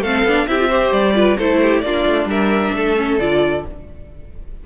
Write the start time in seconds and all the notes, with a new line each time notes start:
0.00 A3 C4 A4 F5
0.23 B3 D4
0.47 C4 E4 G4 E5
0.59 F4
0.69 G4 C5
0.91 G3 D5
1.14 F4 B4
1.37 A3 E4 A4 C5
1.62 G4
1.80 A#3 D4 F4 D5
2.06 A3
2.25 G3 A#4 E5
2.73 A3 A4
2.96 C#4
3.19 D3 F4 D5